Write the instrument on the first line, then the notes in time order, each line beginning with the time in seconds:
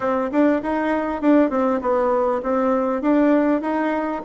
bassoon
0.00 C4
0.31 D4
0.62 D#4
1.21 D4
1.50 C4
1.81 B3
2.42 C4
3.01 D4
3.61 D#4